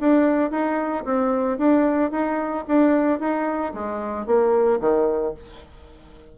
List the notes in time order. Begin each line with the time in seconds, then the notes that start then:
0.00 D4
0.51 D#4
1.04 C4
1.58 D4
2.11 D#4
2.67 D4
3.19 D#4
3.74 G#3
4.26 A#3
4.80 D#3